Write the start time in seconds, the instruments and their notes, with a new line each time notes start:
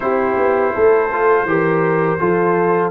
0.00 tuba C4, trombone E4, horn G4, trumpet C5
0.37 tuba B3
0.73 tuba A3, horn A4
1.11 trombone F4
1.44 tuba E3, trombone G4, horn A#4
2.19 tuba F3, trombone F4, horn A4